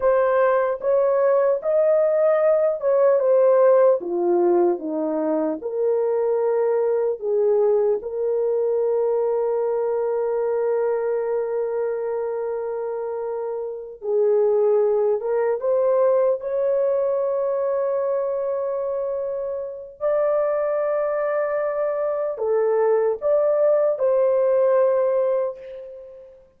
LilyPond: \new Staff \with { instrumentName = "horn" } { \time 4/4 \tempo 4 = 75 c''4 cis''4 dis''4. cis''8 | c''4 f'4 dis'4 ais'4~ | ais'4 gis'4 ais'2~ | ais'1~ |
ais'4. gis'4. ais'8 c''8~ | c''8 cis''2.~ cis''8~ | cis''4 d''2. | a'4 d''4 c''2 | }